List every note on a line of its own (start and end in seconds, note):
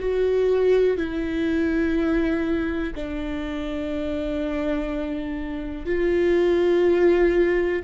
0.00 0.97 F#4
0.97 2.94 E4
2.96 5.86 D4
5.86 7.83 F4